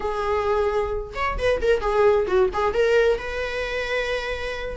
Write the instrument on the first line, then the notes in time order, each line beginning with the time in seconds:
viola
0.00 G#4
1.14 C#5
1.38 B4
1.61 A#4
1.81 G#4
2.27 F#4
2.53 G#4
2.73 A#4
3.18 B4